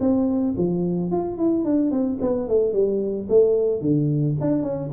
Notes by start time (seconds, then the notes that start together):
0.00 C4
0.58 F3
1.11 F4
1.38 E4
1.65 D4
1.91 C4
2.21 B3
2.48 A3
2.73 G3
3.29 A3
3.81 D3
4.41 D4
4.63 C#4